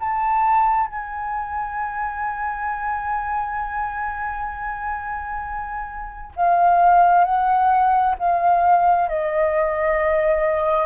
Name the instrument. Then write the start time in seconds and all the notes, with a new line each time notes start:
flute
0.00 A5
0.87 G#5
6.36 F5
7.24 F#5
8.19 F5
9.09 D#5